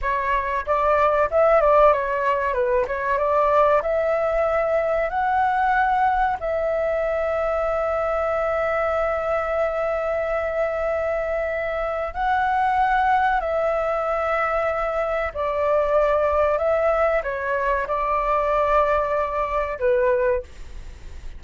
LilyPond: \new Staff \with { instrumentName = "flute" } { \time 4/4 \tempo 4 = 94 cis''4 d''4 e''8 d''8 cis''4 | b'8 cis''8 d''4 e''2 | fis''2 e''2~ | e''1~ |
e''2. fis''4~ | fis''4 e''2. | d''2 e''4 cis''4 | d''2. b'4 | }